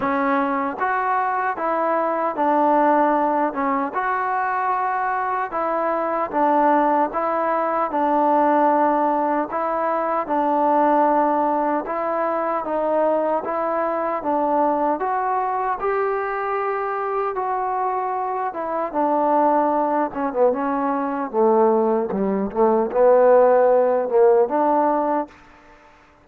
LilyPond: \new Staff \with { instrumentName = "trombone" } { \time 4/4 \tempo 4 = 76 cis'4 fis'4 e'4 d'4~ | d'8 cis'8 fis'2 e'4 | d'4 e'4 d'2 | e'4 d'2 e'4 |
dis'4 e'4 d'4 fis'4 | g'2 fis'4. e'8 | d'4. cis'16 b16 cis'4 a4 | g8 a8 b4. ais8 d'4 | }